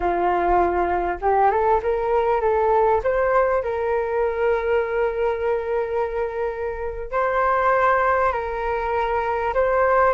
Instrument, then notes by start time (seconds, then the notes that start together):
flute
0.00 F4
1.21 G4
1.50 A4
1.82 A#4
2.40 A4
3.03 C5
3.63 A#4
7.11 C5
8.32 A#4
9.54 C5